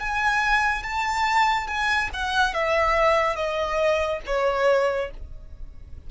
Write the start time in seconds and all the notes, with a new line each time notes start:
0.00 G#5
0.83 A5
1.67 G#5
2.14 F#5
2.54 E5
3.36 D#5
4.26 C#5